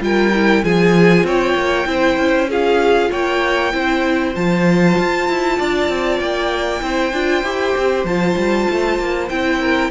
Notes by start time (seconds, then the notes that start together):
0.00 G3 F4 A#4 G5
0.34 E4
0.63 F3 F4 G#4 G#5
1.23 C4 C#5 G5
1.54 A#3
1.86 C4 E4 C5
2.16 C#4
2.49 F4 G#4 F5
3.11 A#3 C#5 G5
3.72 C4 E4 C5
4.34 F3 F4 A5
4.98 F4
5.28 E4
5.58 D4 D5
5.88 C4
6.19 A#3 G5
6.80 C4 E4 C5
7.12 D4 F4
7.43 E4 G4
7.77 C4
8.04 F3 F4 A5
8.36 G3
8.70 A3
8.98 A#3
9.28 C4 E4 G5
9.60 A#4